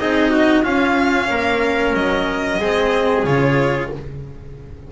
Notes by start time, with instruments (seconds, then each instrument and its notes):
0.00 double bass C4, cello D#4, trumpet G#4, violin D#5
0.31 trumpet F#4
0.63 cello C#4, double bass C#4, trumpet F4, violin F5
1.31 double bass A#3, trumpet A#4
1.94 double bass F#3, violin D#5
2.59 double bass G#3, cello C4, trumpet G#4
3.25 double bass C#3, cello F4, violin C#5